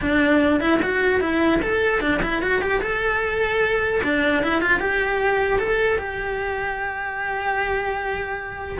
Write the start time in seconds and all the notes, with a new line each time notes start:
0.01 D4
0.60 E4
0.82 F#4
1.20 E4
1.62 A4
2.00 D4
2.22 E4
2.42 F#4
2.61 G4
2.81 A4
4.03 D4
4.43 E4
4.61 F4
4.79 G4
5.59 A4
5.98 G4